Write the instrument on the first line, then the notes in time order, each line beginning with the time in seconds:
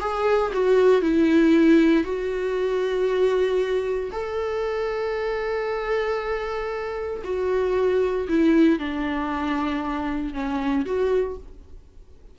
viola
0.00 G#4
0.53 F#4
1.02 E4
2.04 F#4
4.12 A4
7.24 F#4
8.28 E4
8.79 D4
10.33 C#4
10.86 F#4